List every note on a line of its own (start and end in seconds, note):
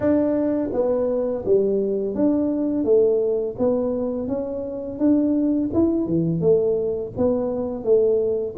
0.00 0.69 D4
0.72 1.44 B3
1.45 2.14 G3
2.14 2.84 D4
2.84 3.55 A3
3.58 4.27 B3
4.27 4.98 C#4
4.98 5.70 D4
5.73 6.06 E4
6.06 6.41 E3
6.41 7.12 A3
7.17 7.83 B3
7.83 8.55 A3